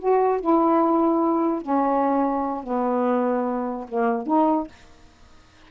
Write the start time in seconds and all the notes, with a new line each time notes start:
0.00 F#4
0.41 E4
1.63 C#4
2.64 B3
3.89 A#3
4.27 D#4